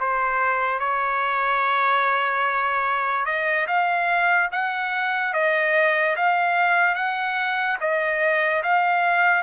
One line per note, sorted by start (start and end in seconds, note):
0.00 0.79 C5
0.79 3.25 C#5
3.25 3.67 D#5
3.67 4.49 F5
4.52 5.33 F#5
5.33 6.16 D#5
6.16 6.95 F5
6.95 7.77 F#5
7.80 8.63 D#5
8.63 9.43 F5